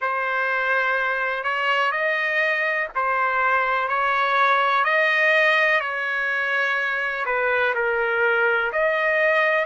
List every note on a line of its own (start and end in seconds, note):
0.00 1.43 C5
1.43 1.91 C#5
1.91 2.88 D#5
2.95 3.88 C5
3.88 4.84 C#5
4.84 5.80 D#5
5.80 7.25 C#5
7.25 7.74 B4
7.74 8.71 A#4
8.72 9.65 D#5